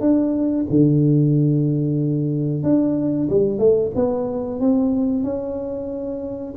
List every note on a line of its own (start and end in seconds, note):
0.00 0.65 D4
0.70 2.63 D3
2.63 3.28 D4
3.29 3.58 G3
3.58 3.91 A3
3.95 4.59 B3
4.59 5.24 C4
5.24 6.54 C#4